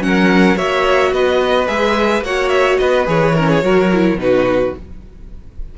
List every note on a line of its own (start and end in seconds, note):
0.00 0.56 F#3
0.00 0.56 C#4
0.00 0.58 F#5
0.07 0.56 A#4
0.56 1.12 A#3
0.56 1.67 F#4
0.56 1.12 C#5
0.56 1.13 E5
1.12 1.68 B3
1.12 2.25 B4
1.12 1.68 D#5
1.67 2.22 G#3
1.67 2.23 G#4
1.67 2.23 E5
2.22 2.77 A#3
2.22 3.06 F#4
2.22 2.80 C#5
2.22 2.49 F#5
2.49 2.77 E5
2.78 3.08 B3
2.78 3.36 B4
2.78 3.06 D#5
3.06 3.63 E3
3.06 3.34 G#4
3.06 4.20 C#5
3.36 3.61 C#4
3.36 3.49 A#4
3.49 3.63 G#4
3.61 4.14 F#3
3.61 3.89 F#4
3.61 4.19 A#4
3.92 4.18 E4
4.14 4.70 B2
4.14 4.74 D#4
4.14 4.75 B4
4.22 4.78 F#4